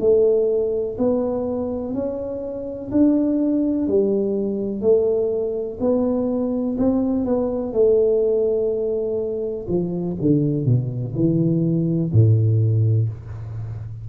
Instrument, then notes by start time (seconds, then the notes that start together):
tuba
0.00 A3
0.98 B3
1.94 C#4
2.91 D4
3.88 G3
4.82 A3
5.80 B3
6.78 C4
7.25 B3
7.73 A3
9.68 F3
10.21 D3
10.65 B2
11.16 E3
12.12 A2